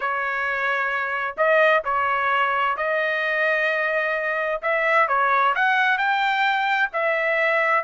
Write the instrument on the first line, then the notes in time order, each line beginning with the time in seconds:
trumpet
0.00 C#5
1.37 D#5
1.84 C#5
2.77 D#5
4.62 E5
5.08 C#5
5.55 F#5
5.97 G5
6.92 E5